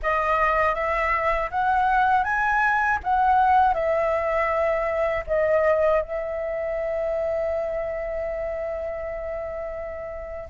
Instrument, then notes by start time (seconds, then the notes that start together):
flute
0.02 D#5
0.75 E5
1.50 F#5
2.23 G#5
3.03 F#5
3.73 E5
5.27 D#5
6.02 E5